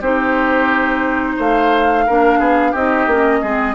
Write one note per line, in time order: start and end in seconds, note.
0.00 1.36 C4
0.00 2.07 D#4
0.00 1.36 G4
0.00 1.39 C5
1.36 2.06 A3
1.36 2.04 C5
1.36 2.74 F5
2.06 2.38 A#3
2.06 2.76 D4
2.06 2.39 A#4
2.38 2.73 B3
2.38 2.71 G#4
2.71 3.06 C4
2.71 3.09 D#4
2.71 3.39 G4
2.71 3.74 D#5
3.06 3.40 A#3
3.06 3.43 C#4
3.41 3.74 G#3
3.41 3.74 C4
3.41 3.74 G#4